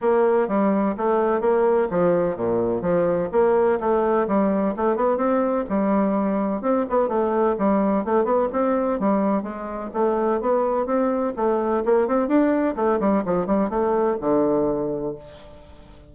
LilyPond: \new Staff \with { instrumentName = "bassoon" } { \time 4/4 \tempo 4 = 127 ais4 g4 a4 ais4 | f4 ais,4 f4 ais4 | a4 g4 a8 b8 c'4 | g2 c'8 b8 a4 |
g4 a8 b8 c'4 g4 | gis4 a4 b4 c'4 | a4 ais8 c'8 d'4 a8 g8 | f8 g8 a4 d2 | }